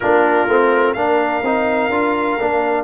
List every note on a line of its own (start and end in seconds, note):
0.00 0.47 A#3
0.00 0.48 D4
0.00 0.96 F4
0.00 0.93 A#4
0.47 0.94 A3
0.47 0.95 C4
0.93 1.42 A#3
0.93 1.43 D4
0.93 2.84 A#4
0.93 2.84 F5
1.42 1.89 C4
1.42 1.91 D#4
1.89 2.36 D4
1.89 2.38 F4
2.40 2.84 A#3
2.40 2.84 D4